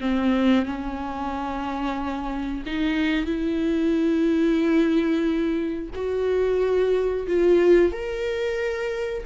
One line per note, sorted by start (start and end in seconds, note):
0.00 0.66 C4
0.66 2.63 C#4
2.66 3.25 D#4
3.25 5.89 E4
5.95 7.27 F#4
7.27 7.92 F4
7.92 9.24 A#4